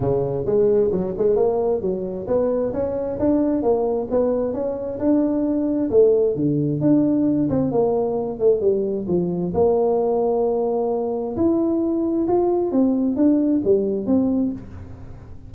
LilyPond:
\new Staff \with { instrumentName = "tuba" } { \time 4/4 \tempo 4 = 132 cis4 gis4 fis8 gis8 ais4 | fis4 b4 cis'4 d'4 | ais4 b4 cis'4 d'4~ | d'4 a4 d4 d'4~ |
d'8 c'8 ais4. a8 g4 | f4 ais2.~ | ais4 e'2 f'4 | c'4 d'4 g4 c'4 | }